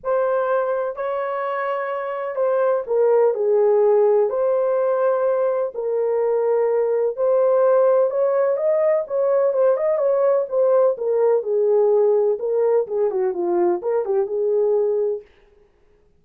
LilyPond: \new Staff \with { instrumentName = "horn" } { \time 4/4 \tempo 4 = 126 c''2 cis''2~ | cis''4 c''4 ais'4 gis'4~ | gis'4 c''2. | ais'2. c''4~ |
c''4 cis''4 dis''4 cis''4 | c''8 dis''8 cis''4 c''4 ais'4 | gis'2 ais'4 gis'8 fis'8 | f'4 ais'8 g'8 gis'2 | }